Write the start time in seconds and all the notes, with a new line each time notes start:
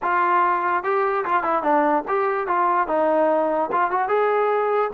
0.02 F4
0.83 G4
1.25 F4
1.43 E4
1.62 D4
2.08 G4
2.47 F4
2.87 D#4
3.72 F4
3.90 F#4
4.08 G#4